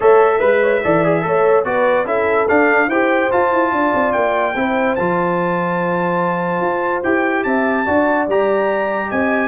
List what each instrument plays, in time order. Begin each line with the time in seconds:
0.00 tuba A3, trombone A4, horn C#5, trumpet E5
0.39 tuba G#3, horn B4, trombone B4
0.62 horn C#5
0.83 tuba E3, trombone A4, horn D5
1.04 trombone G#4
1.22 tuba A3, trombone A4, horn C#5
1.64 tuba B3, trombone F#4, horn B4, trumpet D5
2.05 tuba C#4, trombone E4, horn A4, trumpet E5
2.48 trombone D4, tuba D4, trumpet F5
2.87 tuba E4, trombone G4, horn C5, trumpet G5
3.30 trombone F4, tuba F4, trumpet A5
3.51 tuba E4
3.72 tuba D4, horn D5
3.94 tuba C4
4.12 tuba A#3, trumpet G5
4.55 tuba C4, trombone E4, horn C5
4.95 tuba F3, trombone F4, trumpet A5
6.60 tuba F4
7.03 tuba E4, trombone G4, trumpet G5
7.43 tuba C4, horn E5, trumpet A5
7.85 tuba D4, trombone F#4, horn D5
8.27 tuba G3, trombone G4, trumpet A#5
9.07 tuba C4, horn D#5, trumpet G#5